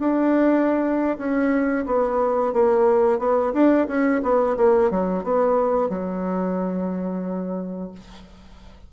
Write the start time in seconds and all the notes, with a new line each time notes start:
0.00 D4
1.18 C#4
1.87 B3
2.54 A#3
3.19 B3
3.54 D4
3.88 C#4
4.23 B3
4.57 A#3
4.91 F#3
5.24 B3
5.90 F#3